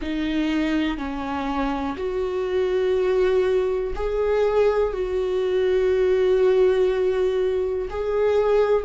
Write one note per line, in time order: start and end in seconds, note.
0.01 0.97 D#4
0.97 1.95 C#4
1.96 3.93 F#4
3.95 4.93 G#4
4.93 7.88 F#4
7.90 8.84 G#4